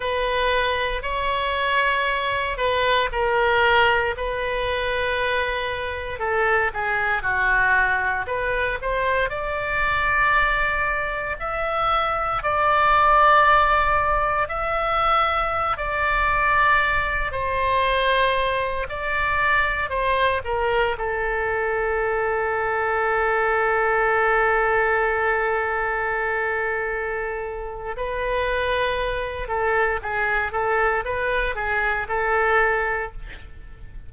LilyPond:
\new Staff \with { instrumentName = "oboe" } { \time 4/4 \tempo 4 = 58 b'4 cis''4. b'8 ais'4 | b'2 a'8 gis'8 fis'4 | b'8 c''8 d''2 e''4 | d''2 e''4~ e''16 d''8.~ |
d''8. c''4. d''4 c''8 ais'16~ | ais'16 a'2.~ a'8.~ | a'2. b'4~ | b'8 a'8 gis'8 a'8 b'8 gis'8 a'4 | }